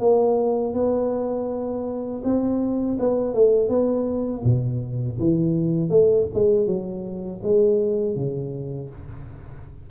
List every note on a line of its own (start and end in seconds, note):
0.00 0.74 A#3
0.74 2.23 B3
2.25 2.99 C4
3.00 3.34 B3
3.34 3.69 A3
3.69 4.43 B3
4.45 5.19 B2
5.20 5.90 E3
5.90 6.27 A3
6.35 6.67 G#3
6.67 7.41 F#3
7.43 8.16 G#3
8.16 8.90 C#3